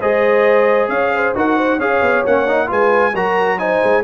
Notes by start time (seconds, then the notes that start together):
0.00 G#3 G#4 C5 D#5
0.88 C#4 C#5 F5
1.15 C5
1.35 D#4 F#4 A#4 F#5
1.57 C5
1.78 C#4 G#4 C#5 F5
2.02 B3
2.26 A#3 C#4 F#5
2.47 D#4
2.67 G#3 F4 B4 G#5
3.14 F#3 F#4 A#4 A#5
3.58 D#4 C5 G#5
3.83 G#3